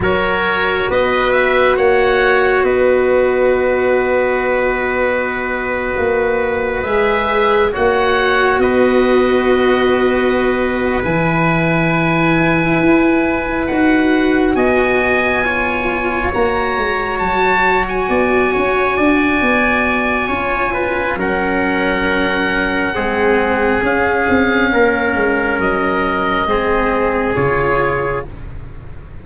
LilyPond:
<<
  \new Staff \with { instrumentName = "oboe" } { \time 4/4 \tempo 4 = 68 cis''4 dis''8 e''8 fis''4 dis''4~ | dis''2.~ dis''8. e''16~ | e''8. fis''4 dis''2~ dis''16~ | dis''8 gis''2. fis''8~ |
fis''8 gis''2 ais''4 a''8~ | a''16 gis''2.~ gis''8. | fis''2. f''4~ | f''4 dis''2 cis''4 | }
  \new Staff \with { instrumentName = "trumpet" } { \time 4/4 ais'4 b'4 cis''4 b'4~ | b'1~ | b'8. cis''4 b'2~ b'16~ | b'1~ |
b'8 dis''4 cis''2~ cis''8~ | cis''8 d''8 cis''8 d''4. cis''8 b'8 | ais'2 gis'2 | ais'2 gis'2 | }
  \new Staff \with { instrumentName = "cello" } { \time 4/4 fis'1~ | fis'2.~ fis'8. gis'16~ | gis'8. fis'2.~ fis'16~ | fis'8 e'2. fis'8~ |
fis'4. f'4 fis'4.~ | fis'2. f'4 | cis'2 c'4 cis'4~ | cis'2 c'4 f'4 | }
  \new Staff \with { instrumentName = "tuba" } { \time 4/4 fis4 b4 ais4 b4~ | b2~ b8. ais4 gis16~ | gis8. ais4 b2~ b16~ | b8 e2 e'4 dis'8~ |
dis'8 b2 ais8 gis8 fis8~ | fis8 b8 cis'8 d'8 b4 cis'4 | fis2 gis4 cis'8 c'8 | ais8 gis8 fis4 gis4 cis4 | }
>>